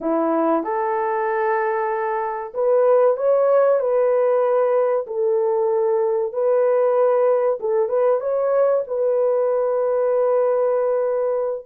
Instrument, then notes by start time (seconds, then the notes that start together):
horn
0.00 E4
0.63 A4
2.53 B4
3.16 C#5
3.80 B4
5.06 A4
6.32 B4
7.60 A4
7.89 B4
8.20 C#5
8.87 B4